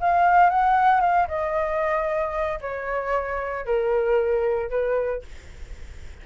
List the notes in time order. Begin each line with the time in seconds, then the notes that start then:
0.00 F5
0.50 F#5
1.00 F5
1.28 D#5
2.61 C#5
3.65 A#4
4.70 B4